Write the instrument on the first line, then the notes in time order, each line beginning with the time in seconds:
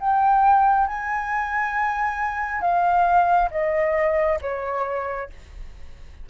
flute
0.00 G5
0.87 G#5
2.61 F5
3.51 D#5
4.41 C#5